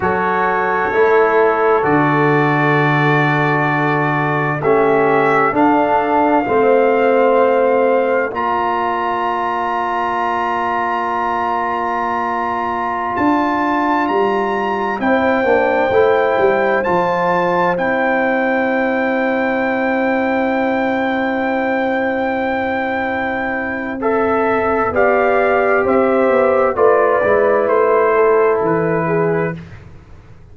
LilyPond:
<<
  \new Staff \with { instrumentName = "trumpet" } { \time 4/4 \tempo 4 = 65 cis''2 d''2~ | d''4 e''4 f''2~ | f''4 ais''2.~ | ais''2~ ais''16 a''4 ais''8.~ |
ais''16 g''2 a''4 g''8.~ | g''1~ | g''2 e''4 f''4 | e''4 d''4 c''4 b'4 | }
  \new Staff \with { instrumentName = "horn" } { \time 4/4 a'1~ | a'4 g'4 a'4 c''4~ | c''4 d''2.~ | d''1~ |
d''16 c''2.~ c''8.~ | c''1~ | c''2. d''4 | c''4 b'4. a'4 gis'8 | }
  \new Staff \with { instrumentName = "trombone" } { \time 4/4 fis'4 e'4 fis'2~ | fis'4 cis'4 d'4 c'4~ | c'4 f'2.~ | f'1~ |
f'16 e'8 d'8 e'4 f'4 e'8.~ | e'1~ | e'2 a'4 g'4~ | g'4 f'8 e'2~ e'8 | }
  \new Staff \with { instrumentName = "tuba" } { \time 4/4 fis4 a4 d2~ | d4 a4 d'4 a4~ | a4 ais2.~ | ais2~ ais16 d'4 g8.~ |
g16 c'8 ais8 a8 g8 f4 c'8.~ | c'1~ | c'2. b4 | c'8 b8 a8 gis8 a4 e4 | }
>>